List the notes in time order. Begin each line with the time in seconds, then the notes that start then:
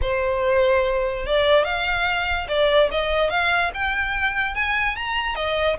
0.01 C5
1.25 D5
1.64 F5
2.48 D5
2.91 D#5
3.30 F5
3.74 G5
4.54 G#5
4.95 A#5
5.35 D#5